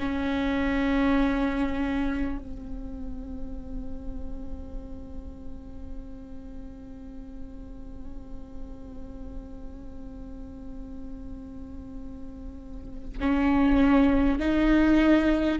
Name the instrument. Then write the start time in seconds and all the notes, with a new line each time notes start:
viola
0.00 C#4
2.39 C4
13.21 C#4
14.39 D#4